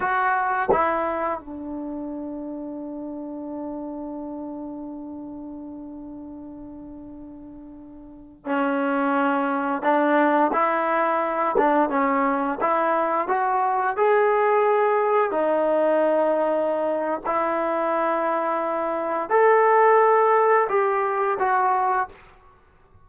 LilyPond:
\new Staff \with { instrumentName = "trombone" } { \time 4/4 \tempo 4 = 87 fis'4 e'4 d'2~ | d'1~ | d'1~ | d'16 cis'2 d'4 e'8.~ |
e'8. d'8 cis'4 e'4 fis'8.~ | fis'16 gis'2 dis'4.~ dis'16~ | dis'4 e'2. | a'2 g'4 fis'4 | }